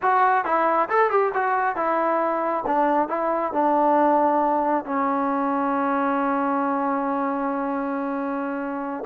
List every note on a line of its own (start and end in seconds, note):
0.02 0.44 F#4
0.44 0.88 E4
0.89 1.10 A4
1.10 1.32 G4
1.34 1.75 F#4
1.75 2.64 E4
2.66 3.08 D4
3.08 3.52 E4
3.52 4.84 D4
4.84 9.04 C#4